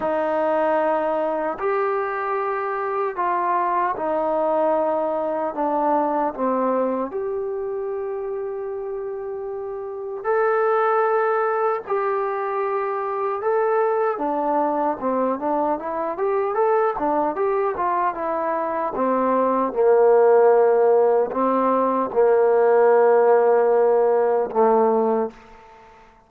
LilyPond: \new Staff \with { instrumentName = "trombone" } { \time 4/4 \tempo 4 = 76 dis'2 g'2 | f'4 dis'2 d'4 | c'4 g'2.~ | g'4 a'2 g'4~ |
g'4 a'4 d'4 c'8 d'8 | e'8 g'8 a'8 d'8 g'8 f'8 e'4 | c'4 ais2 c'4 | ais2. a4 | }